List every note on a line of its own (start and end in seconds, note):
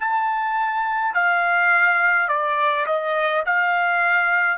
0.00 1.14 A5
1.14 2.29 F5
2.29 2.86 D5
2.86 3.44 D#5
3.46 4.58 F5